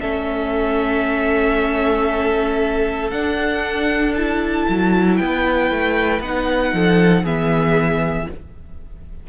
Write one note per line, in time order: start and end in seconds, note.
0.00 3.11 A3
0.00 3.11 C#4
0.00 5.19 A4
0.00 3.10 E5
3.10 4.66 D4
3.10 4.16 D4
3.10 4.14 F#5
4.14 6.23 E4
4.14 5.16 A5
4.69 5.20 F#3
5.16 5.71 B3
5.16 6.74 B4
5.16 6.20 G5
5.71 6.20 A3
6.20 6.72 B3
6.20 7.25 D#4
6.20 7.25 F#5
6.73 7.23 F3
6.73 7.23 A4
7.23 8.26 E3
7.23 8.28 B3
7.23 8.27 G#4
7.23 8.29 E5